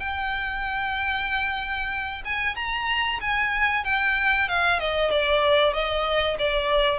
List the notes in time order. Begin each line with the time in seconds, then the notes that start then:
0.00 G5
2.25 G#5
2.56 A#5
3.21 G#5
3.85 G5
4.49 F5
4.80 D#5
5.11 D5
5.74 D#5
6.39 D5